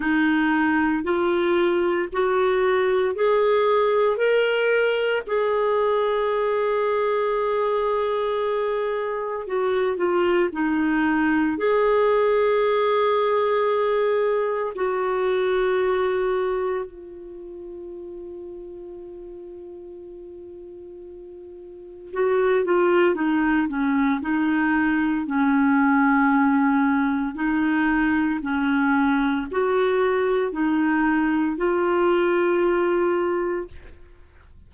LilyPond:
\new Staff \with { instrumentName = "clarinet" } { \time 4/4 \tempo 4 = 57 dis'4 f'4 fis'4 gis'4 | ais'4 gis'2.~ | gis'4 fis'8 f'8 dis'4 gis'4~ | gis'2 fis'2 |
f'1~ | f'4 fis'8 f'8 dis'8 cis'8 dis'4 | cis'2 dis'4 cis'4 | fis'4 dis'4 f'2 | }